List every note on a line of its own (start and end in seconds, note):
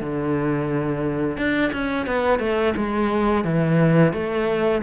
0.00 1.37 D3
1.37 1.71 D4
1.72 2.06 C#4
2.06 2.39 B3
2.39 2.73 A3
2.76 3.44 G#3
3.44 4.13 E3
4.13 4.82 A3